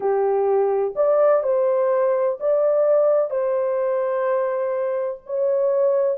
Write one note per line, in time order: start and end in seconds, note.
0.00 0.94 G4
0.95 1.43 D5
1.43 2.38 C5
2.40 3.30 D5
3.30 5.20 C5
5.26 6.18 C#5